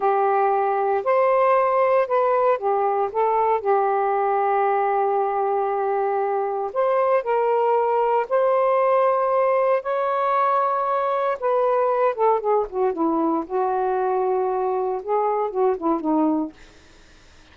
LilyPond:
\new Staff \with { instrumentName = "saxophone" } { \time 4/4 \tempo 4 = 116 g'2 c''2 | b'4 g'4 a'4 g'4~ | g'1~ | g'4 c''4 ais'2 |
c''2. cis''4~ | cis''2 b'4. a'8 | gis'8 fis'8 e'4 fis'2~ | fis'4 gis'4 fis'8 e'8 dis'4 | }